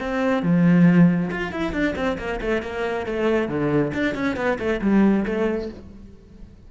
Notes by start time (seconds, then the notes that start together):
0.00 C4
0.42 F3
1.31 F4
1.51 E4
1.72 D4
1.95 C4
2.18 A#3
2.41 A3
2.62 A#3
3.06 A3
3.48 D3
3.93 D4
4.14 C#4
4.36 B3
4.58 A3
4.81 G3
5.25 A3